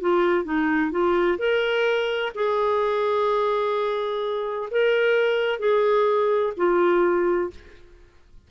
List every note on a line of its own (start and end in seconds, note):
0.00 0.44 F4
0.44 0.91 D#4
0.91 1.38 F4
1.38 2.32 A#4
2.35 4.69 G#4
4.70 5.59 A#4
5.59 6.53 G#4
6.56 7.50 F4